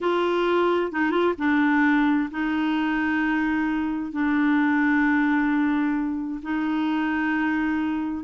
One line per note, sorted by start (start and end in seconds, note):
0.01 0.91 F4
0.91 1.10 D#4
1.10 1.33 F4
1.38 2.29 D4
2.30 4.12 D#4
4.12 6.41 D4
6.42 8.24 D#4